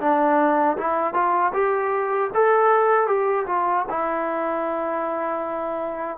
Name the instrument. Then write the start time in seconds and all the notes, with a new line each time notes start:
trombone
0.00 D4
0.77 E4
1.14 F4
1.53 G4
2.34 A4
3.07 G4
3.47 F4
3.89 E4